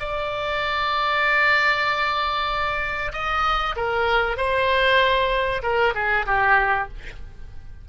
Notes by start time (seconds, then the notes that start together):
0.00 D5
3.13 D#5
3.77 A#4
4.38 C5
5.63 A#4
5.95 G#4
6.26 G4